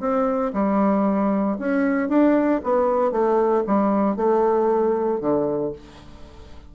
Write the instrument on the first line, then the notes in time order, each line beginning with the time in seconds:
bassoon
0.00 C4
0.53 G3
1.59 C#4
2.09 D4
2.63 B3
3.12 A3
3.67 G3
4.16 A3
5.20 D3